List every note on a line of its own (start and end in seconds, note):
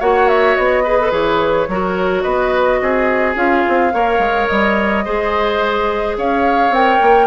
0.00 0.57 A#3
0.00 0.84 F#4
0.00 0.84 C#5
0.00 0.28 F#5
0.28 0.56 E5
0.56 1.12 B3
0.56 1.12 D#5
0.84 1.00 G#4
0.84 1.68 B4
1.00 1.11 A4
1.11 1.68 E3
1.11 1.67 G#4
1.11 2.21 C#5
1.68 2.24 F#3
1.68 3.36 F#4
1.68 2.23 A#4
2.21 2.81 B3
2.21 2.79 B4
2.21 3.34 D#5
2.81 3.36 C4
2.81 3.93 G#4
3.36 3.64 C#4
3.36 3.92 F4
3.36 4.48 F5
3.68 3.93 C4
3.92 4.19 A#3
3.92 5.05 A#4
3.92 5.05 C#5
4.19 4.47 G#3
4.48 5.07 G3
4.48 6.16 D#5
5.05 6.17 G#3
5.05 6.73 G#4
5.05 6.17 C5
6.17 6.70 C#4
6.17 7.27 C#5
6.17 6.74 F5
6.70 6.98 C4
6.70 7.27 A#4
6.70 7.27 G5
7.01 7.27 A#3